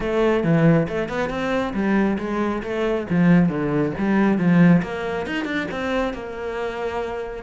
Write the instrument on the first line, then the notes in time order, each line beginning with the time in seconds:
cello
0.00 A3
0.43 E3
0.88 A3
1.08 B3
1.29 C4
1.73 G3
2.18 G#3
2.63 A3
3.10 F3
3.48 D3
3.98 G3
4.38 F3
4.82 A#3
5.26 D#4
5.44 D4
5.71 C4
6.13 A#3